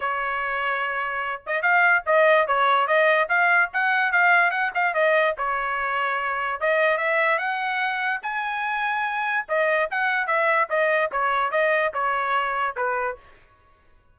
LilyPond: \new Staff \with { instrumentName = "trumpet" } { \time 4/4 \tempo 4 = 146 cis''2.~ cis''8 dis''8 | f''4 dis''4 cis''4 dis''4 | f''4 fis''4 f''4 fis''8 f''8 | dis''4 cis''2. |
dis''4 e''4 fis''2 | gis''2. dis''4 | fis''4 e''4 dis''4 cis''4 | dis''4 cis''2 b'4 | }